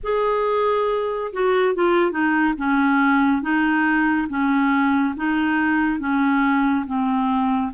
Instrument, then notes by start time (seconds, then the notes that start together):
clarinet
0.03 G#4
1.32 F#4
1.75 F4
2.11 D#4
2.57 C#4
3.42 D#4
4.28 C#4
5.16 D#4
5.99 C#4
6.86 C4